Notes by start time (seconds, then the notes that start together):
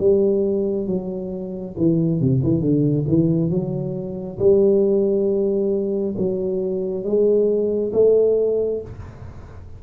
0.00 G3
0.87 F#3
1.78 E3
2.21 C3
2.44 E3
2.61 D3
3.08 E3
3.51 F#3
4.39 G3
6.18 F#3
7.04 G#3
7.93 A3